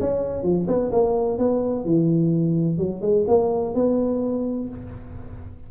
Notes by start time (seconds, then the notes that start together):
0.00 C#4
0.43 F3
0.67 B3
0.92 A#3
1.38 B3
1.85 E3
2.78 F#3
3.01 G#3
3.27 A#3
3.75 B3